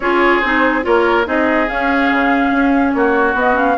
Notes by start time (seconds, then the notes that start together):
0.00 C#4 F4 G#4 C#5
0.40 C4 D#4 C5
0.82 A#3 F4 A#4 C#5
1.25 C4 D#4 G#4 D#5
1.68 C#4 F5
2.11 C#3
2.51 C#4
2.92 A#3 F#4 C#5
3.34 B3 D#5
3.53 C#4 F5